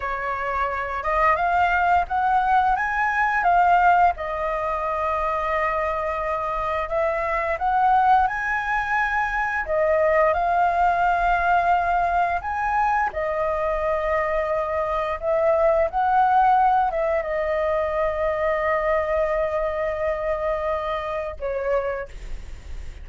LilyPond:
\new Staff \with { instrumentName = "flute" } { \time 4/4 \tempo 4 = 87 cis''4. dis''8 f''4 fis''4 | gis''4 f''4 dis''2~ | dis''2 e''4 fis''4 | gis''2 dis''4 f''4~ |
f''2 gis''4 dis''4~ | dis''2 e''4 fis''4~ | fis''8 e''8 dis''2.~ | dis''2. cis''4 | }